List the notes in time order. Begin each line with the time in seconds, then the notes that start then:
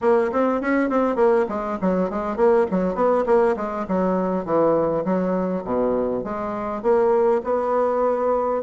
0.01 A#3
0.32 C4
0.61 C#4
0.89 C4
1.15 A#3
1.49 G#3
1.81 F#3
2.10 G#3
2.36 A#3
2.71 F#3
2.95 B3
3.26 A#3
3.56 G#3
3.87 F#3
4.45 E3
5.04 F#3
5.64 B2
6.24 G#3
6.82 A#3
7.44 B3